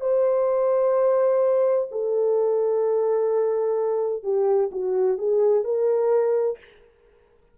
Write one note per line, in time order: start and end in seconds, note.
0.00 1.87 C5
1.91 4.23 A4
4.23 4.70 G4
4.71 5.18 F#4
5.18 5.64 G#4
5.64 6.58 A#4